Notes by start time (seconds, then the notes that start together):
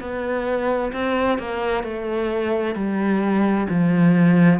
0.00 B3
0.93 C4
1.38 A#3
1.84 A3
2.75 G3
3.69 F3